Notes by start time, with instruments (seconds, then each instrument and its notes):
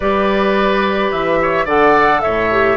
0.00 bassoon G3, clarinet G4, oboe B4, flute D5
1.11 bassoon E3, flute E5
1.42 oboe C#5
1.65 bassoon D3, clarinet A4, oboe D5, flute F#5
2.21 bassoon A2, oboe C#5, flute E5
2.51 clarinet G4